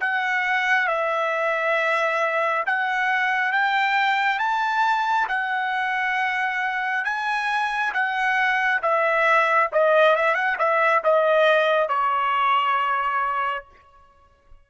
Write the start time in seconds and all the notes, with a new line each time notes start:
0.00 F#5
0.87 E5
2.66 F#5
3.52 G5
4.39 A5
5.28 F#5
7.04 G#5
7.93 F#5
8.82 E5
9.72 D#5
10.16 E5
10.34 F#5
10.58 E5
11.04 D#5
11.88 C#5